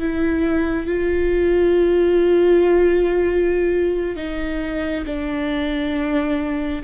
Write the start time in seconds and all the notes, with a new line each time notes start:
0.00 E4
0.87 F4
4.16 D#4
5.06 D4